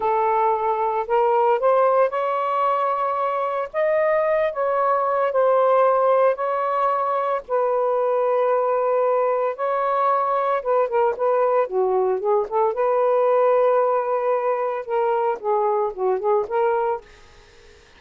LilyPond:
\new Staff \with { instrumentName = "saxophone" } { \time 4/4 \tempo 4 = 113 a'2 ais'4 c''4 | cis''2. dis''4~ | dis''8 cis''4. c''2 | cis''2 b'2~ |
b'2 cis''2 | b'8 ais'8 b'4 fis'4 gis'8 a'8 | b'1 | ais'4 gis'4 fis'8 gis'8 ais'4 | }